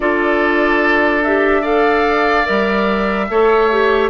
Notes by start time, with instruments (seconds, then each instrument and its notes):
0.00 bassoon D4, clarinet F4, oboe A4, flute D5
1.23 clarinet G4, flute E5
1.61 clarinet A4, oboe D5, flute F5
2.44 bassoon G3, clarinet A#4, flute E5
3.29 bassoon A3, clarinet A4, oboe C#5
3.71 clarinet G4